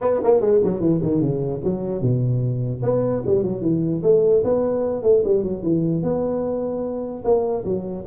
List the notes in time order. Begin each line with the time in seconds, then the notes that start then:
0.01 B3
0.23 A#3
0.40 G#3
0.63 F#3
0.79 E3
1.02 D#3
1.21 C#3
1.64 F#3
2.01 B2
2.82 B3
3.25 G3
3.43 F#3
3.61 E3
4.02 A3
4.44 B3
5.02 A3
5.24 G3
5.43 F#3
5.62 E3
6.02 B3
7.24 A#3
7.64 F#3